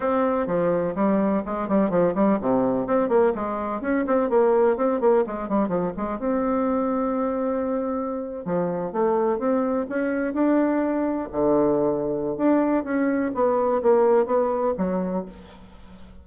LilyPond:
\new Staff \with { instrumentName = "bassoon" } { \time 4/4 \tempo 4 = 126 c'4 f4 g4 gis8 g8 | f8 g8 c4 c'8 ais8 gis4 | cis'8 c'8 ais4 c'8 ais8 gis8 g8 | f8 gis8 c'2.~ |
c'4.~ c'16 f4 a4 c'16~ | c'8. cis'4 d'2 d16~ | d2 d'4 cis'4 | b4 ais4 b4 fis4 | }